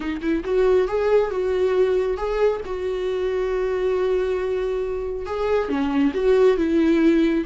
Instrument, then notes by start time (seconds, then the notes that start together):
viola
0.00 D#4
0.21 E4
0.44 F#4
0.88 G#4
1.30 F#4
2.17 G#4
2.65 F#4
5.26 G#4
5.68 C#4
6.13 F#4
6.57 E4